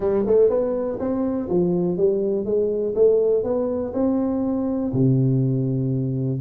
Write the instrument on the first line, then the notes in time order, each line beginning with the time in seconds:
tuba
0.00 G3
0.26 A3
0.49 B3
0.99 C4
1.49 F3
1.97 G3
2.45 G#3
2.95 A3
3.43 B3
3.93 C4
4.93 C3